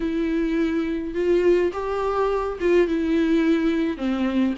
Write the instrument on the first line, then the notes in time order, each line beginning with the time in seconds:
viola
0.00 E4
1.14 F4
1.72 G4
2.60 F4
2.87 E4
3.97 C4